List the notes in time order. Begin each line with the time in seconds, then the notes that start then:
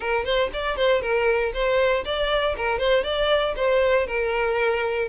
0.00 A#4
0.24 C5
0.53 D5
0.76 C5
1.01 A#4
1.53 C5
2.04 D5
2.56 A#4
2.79 C5
3.03 D5
3.56 C5
4.07 A#4